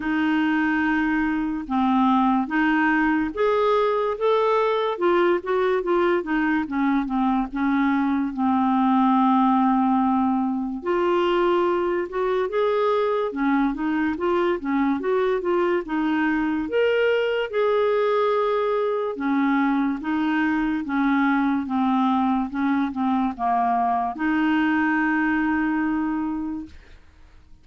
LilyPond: \new Staff \with { instrumentName = "clarinet" } { \time 4/4 \tempo 4 = 72 dis'2 c'4 dis'4 | gis'4 a'4 f'8 fis'8 f'8 dis'8 | cis'8 c'8 cis'4 c'2~ | c'4 f'4. fis'8 gis'4 |
cis'8 dis'8 f'8 cis'8 fis'8 f'8 dis'4 | ais'4 gis'2 cis'4 | dis'4 cis'4 c'4 cis'8 c'8 | ais4 dis'2. | }